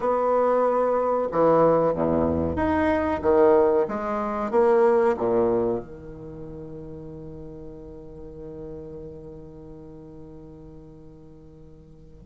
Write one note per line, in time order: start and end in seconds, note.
0.00 1.28 B3
1.31 1.93 E3
1.93 2.56 E2
2.56 3.20 D#4
3.21 3.86 D#3
3.88 4.50 G#3
4.50 5.15 A#3
5.17 5.79 A#2
5.79 12.24 D#3